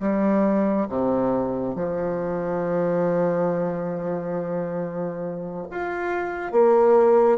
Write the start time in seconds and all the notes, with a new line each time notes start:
0.00 G3
0.89 C3
1.75 F3
5.70 F4
6.52 A#3